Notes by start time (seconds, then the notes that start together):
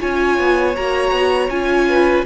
0.00 C#4 F4 C#5 G#5
0.40 B3
0.76 A#3 F#4 A#5
1.12 B3
1.50 C#4 F4 G#5
1.89 B4